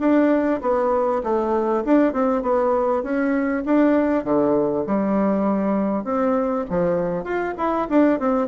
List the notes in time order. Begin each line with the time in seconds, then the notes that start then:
0.00 D4
0.61 B3
1.23 A3
1.85 D4
2.13 C4
2.42 B3
3.03 C#4
3.66 D4
4.24 D3
4.87 G3
6.04 C4
6.70 F3
7.24 F4
7.57 E4
7.89 D4
8.20 C4